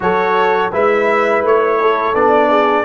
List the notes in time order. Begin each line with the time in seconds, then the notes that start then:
0.00 F#3 F#4 A4 C#5
0.72 G#3 E4 B4 E5
1.42 A3 C#5
1.80 A4
2.14 B3 D4 D5
2.49 G#4